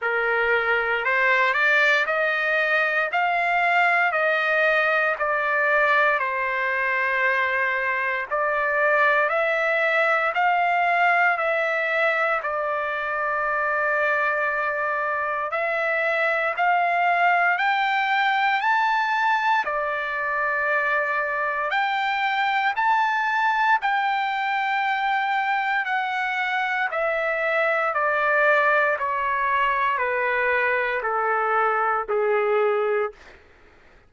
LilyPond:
\new Staff \with { instrumentName = "trumpet" } { \time 4/4 \tempo 4 = 58 ais'4 c''8 d''8 dis''4 f''4 | dis''4 d''4 c''2 | d''4 e''4 f''4 e''4 | d''2. e''4 |
f''4 g''4 a''4 d''4~ | d''4 g''4 a''4 g''4~ | g''4 fis''4 e''4 d''4 | cis''4 b'4 a'4 gis'4 | }